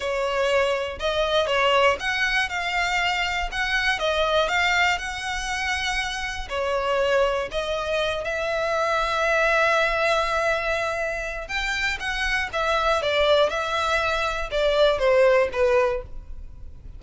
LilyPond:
\new Staff \with { instrumentName = "violin" } { \time 4/4 \tempo 4 = 120 cis''2 dis''4 cis''4 | fis''4 f''2 fis''4 | dis''4 f''4 fis''2~ | fis''4 cis''2 dis''4~ |
dis''8 e''2.~ e''8~ | e''2. g''4 | fis''4 e''4 d''4 e''4~ | e''4 d''4 c''4 b'4 | }